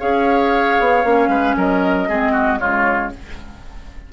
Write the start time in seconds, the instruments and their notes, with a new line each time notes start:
0.00 bassoon C#4, clarinet G#4, oboe C#5, flute F5
0.80 bassoon B3
1.04 bassoon A#3, clarinet C#4
1.28 bassoon G#3, oboe B4
1.57 bassoon F#3, oboe A#4, flute D#5
2.09 bassoon G#3, clarinet C4, oboe G#4
2.33 oboe F#4
2.59 bassoon C#3, clarinet G#3, oboe F4, flute C#5